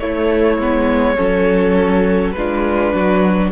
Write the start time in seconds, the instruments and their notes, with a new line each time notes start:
0.00 cello A3, viola A3, violin E4 C#5
0.58 cello G#3, viola B3
1.16 cello F#3, viola C#4, violin A4
2.32 cello G#3, violin B4
2.38 viola D4, violin F4
2.95 cello F#3, violin F#4